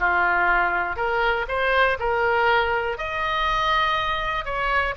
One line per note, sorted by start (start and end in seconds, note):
0.00 0.97 F4
0.97 1.47 A#4
1.49 1.98 C5
2.00 2.98 A#4
2.98 4.45 D#5
4.45 4.95 C#5